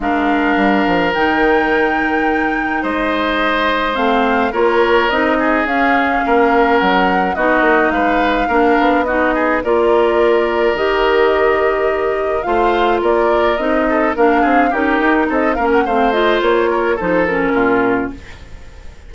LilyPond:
<<
  \new Staff \with { instrumentName = "flute" } { \time 4/4 \tempo 4 = 106 f''2 g''2~ | g''4 dis''2 f''4 | cis''4 dis''4 f''2 | fis''4 dis''4 f''2 |
dis''4 d''2 dis''4~ | dis''2 f''4 d''4 | dis''4 f''4 ais'4 dis''8 f''16 fis''16 | f''8 dis''8 cis''4 c''8 ais'4. | }
  \new Staff \with { instrumentName = "oboe" } { \time 4/4 ais'1~ | ais'4 c''2. | ais'4. gis'4. ais'4~ | ais'4 fis'4 b'4 ais'4 |
fis'8 gis'8 ais'2.~ | ais'2 c''4 ais'4~ | ais'8 a'8 ais'8 gis'8 g'4 a'8 ais'8 | c''4. ais'8 a'4 f'4 | }
  \new Staff \with { instrumentName = "clarinet" } { \time 4/4 d'2 dis'2~ | dis'2. c'4 | f'4 dis'4 cis'2~ | cis'4 dis'2 d'4 |
dis'4 f'2 g'4~ | g'2 f'2 | dis'4 d'4 dis'4. cis'8 | c'8 f'4. dis'8 cis'4. | }
  \new Staff \with { instrumentName = "bassoon" } { \time 4/4 gis4 g8 f8 dis2~ | dis4 gis2 a4 | ais4 c'4 cis'4 ais4 | fis4 b8 ais8 gis4 ais8 b8~ |
b4 ais2 dis4~ | dis2 a4 ais4 | c'4 ais8 c'8 cis'8 dis'8 c'8 ais8 | a4 ais4 f4 ais,4 | }
>>